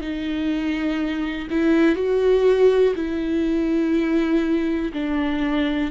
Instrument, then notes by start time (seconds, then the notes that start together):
viola
0.00 D#4
1.50 E4
1.95 F#4
2.95 E4
4.92 D4